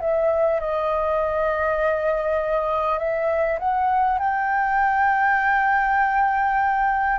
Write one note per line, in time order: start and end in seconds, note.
0.00 0.60 E5
0.61 2.99 D#5
2.99 3.59 E5
3.59 4.19 F#5
4.19 7.19 G5